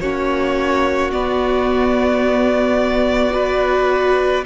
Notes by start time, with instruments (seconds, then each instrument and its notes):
0.00 cello A#3, viola C#4, violin F#4 C#5
1.12 viola B3, cello B3, violin D5
3.31 viola F#4, violin B4